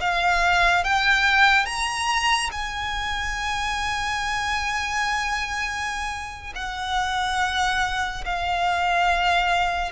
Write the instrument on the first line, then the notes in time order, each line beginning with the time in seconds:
violin
0.00 F5
0.84 G5
1.66 A#5
2.52 G#5
6.55 F#5
8.25 F5